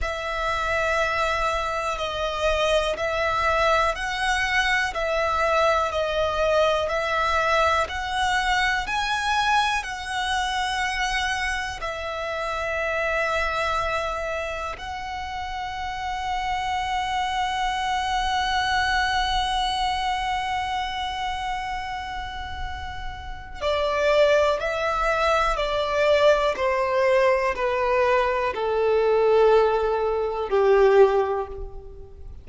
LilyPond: \new Staff \with { instrumentName = "violin" } { \time 4/4 \tempo 4 = 61 e''2 dis''4 e''4 | fis''4 e''4 dis''4 e''4 | fis''4 gis''4 fis''2 | e''2. fis''4~ |
fis''1~ | fis''1 | d''4 e''4 d''4 c''4 | b'4 a'2 g'4 | }